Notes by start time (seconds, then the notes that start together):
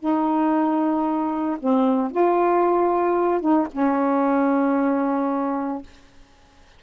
0.00 D#4
1.60 C4
2.11 F4
3.41 D#4
3.72 C#4